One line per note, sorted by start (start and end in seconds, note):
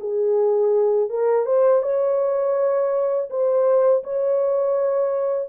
0.00 1.10 G#4
1.10 1.46 A#4
1.46 1.83 C5
1.83 3.29 C#5
3.30 4.03 C5
4.04 5.49 C#5